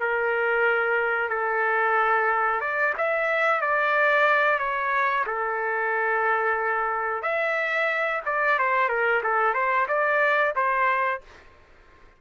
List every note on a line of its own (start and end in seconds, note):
0.00 1.30 A#4
1.30 2.61 A4
2.61 2.94 D5
2.98 3.61 E5
3.61 4.59 D5
4.59 5.25 C#5
5.27 7.23 A4
7.23 8.21 E5
8.26 8.59 D5
8.59 8.89 C5
8.89 9.22 A#4
9.23 9.54 A4
9.54 9.87 C5
9.88 10.54 D5
10.56 11.22 C5